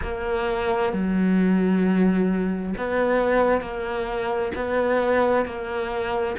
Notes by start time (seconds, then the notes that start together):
0.02 A#3
0.92 F#3
2.77 B3
3.61 A#3
4.55 B3
5.45 A#3